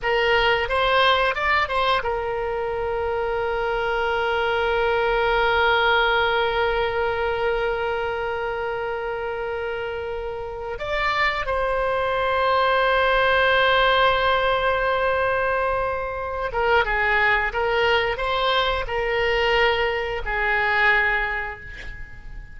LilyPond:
\new Staff \with { instrumentName = "oboe" } { \time 4/4 \tempo 4 = 89 ais'4 c''4 d''8 c''8 ais'4~ | ais'1~ | ais'1~ | ais'1 |
d''4 c''2.~ | c''1~ | c''8 ais'8 gis'4 ais'4 c''4 | ais'2 gis'2 | }